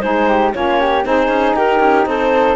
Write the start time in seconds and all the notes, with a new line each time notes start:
0.00 G#3 D#4 G#4 C5
0.28 G4
0.53 A#3 C#4 F4 C#5
0.80 G4
1.04 C4 D#4 G#4 C5
1.28 C#4
1.55 D#4 G4 A#4
1.79 C#4
2.06 C4 A4 C5